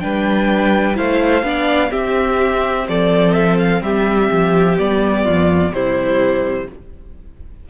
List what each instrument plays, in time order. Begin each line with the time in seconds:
0.00 cello G3, viola D4, violin B4 G5
0.94 cello A3, viola E4, violin C5 F5
1.43 cello B3, viola D4, violin D5
1.90 viola C4, cello C4, violin G4 E5
2.89 cello F3, violin A4 D5
3.33 violin E5
3.59 violin F5
3.82 cello G3, violin G4 E5
4.31 cello F3
4.78 cello G3, viola B3, violin D5
5.24 cello F2, violin F4
5.71 cello C3, viola G3, violin E4 C5